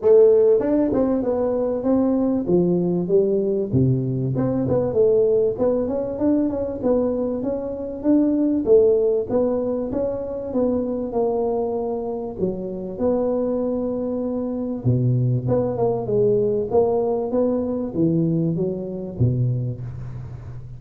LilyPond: \new Staff \with { instrumentName = "tuba" } { \time 4/4 \tempo 4 = 97 a4 d'8 c'8 b4 c'4 | f4 g4 c4 c'8 b8 | a4 b8 cis'8 d'8 cis'8 b4 | cis'4 d'4 a4 b4 |
cis'4 b4 ais2 | fis4 b2. | b,4 b8 ais8 gis4 ais4 | b4 e4 fis4 b,4 | }